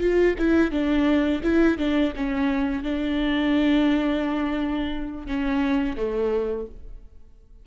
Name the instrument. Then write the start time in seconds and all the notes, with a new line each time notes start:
viola
0.00 F4
0.38 E4
0.71 D4
1.43 E4
1.78 D4
2.16 C#4
2.83 D4
5.27 C#4
5.97 A3